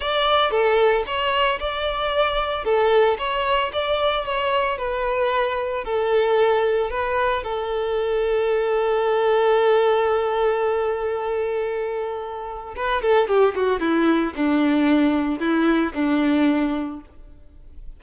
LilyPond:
\new Staff \with { instrumentName = "violin" } { \time 4/4 \tempo 4 = 113 d''4 a'4 cis''4 d''4~ | d''4 a'4 cis''4 d''4 | cis''4 b'2 a'4~ | a'4 b'4 a'2~ |
a'1~ | a'1 | b'8 a'8 g'8 fis'8 e'4 d'4~ | d'4 e'4 d'2 | }